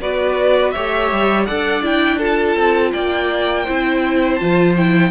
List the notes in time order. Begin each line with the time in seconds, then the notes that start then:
0.00 B3 F#4 B4 D5
0.71 A3 G4 C#5 E5
1.12 G3
1.45 D4 A4 D5 F#5
1.82 E4 G5
2.17 F4 A4 A5
2.56 C4
2.92 A#3 D5 G5
3.63 C4 E4 C5
4.35 F3 F4 A5
4.77 E4 G5